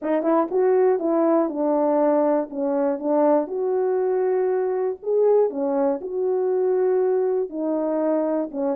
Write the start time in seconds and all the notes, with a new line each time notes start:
0.02 D#4
0.22 E4
0.50 F#4
0.99 E4
1.49 D4
2.50 C#4
2.99 D4
3.47 F#4
5.02 G#4
5.50 C#4
6.01 F#4
7.49 D#4
8.51 C#4